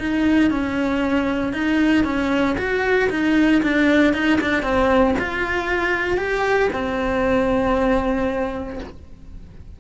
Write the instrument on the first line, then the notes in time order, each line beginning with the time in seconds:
cello
0.00 D#4
0.51 C#4
1.54 D#4
2.05 C#4
2.58 F#4
3.10 D#4
3.63 D4
4.14 D#4
4.42 D4
4.63 C4
5.19 F4
6.18 G4
6.73 C4